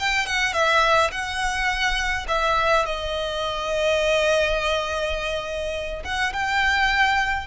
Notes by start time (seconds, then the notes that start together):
0.00 G5
0.27 F#5
0.53 E5
1.11 F#5
2.28 E5
2.86 D#5
6.05 F#5
6.33 G5